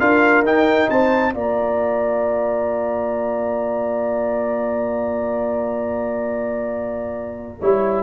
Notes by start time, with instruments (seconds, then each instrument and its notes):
0.00 tuba D4, trombone F4, horn A#4, trumpet F5
0.43 tuba D#4, trombone D#4, trumpet G5
0.89 tuba C4, horn C5, trumpet A5
1.33 tuba A#3, trombone F4, horn D5, trumpet A#5
7.61 tuba G3, trombone E4, horn C#5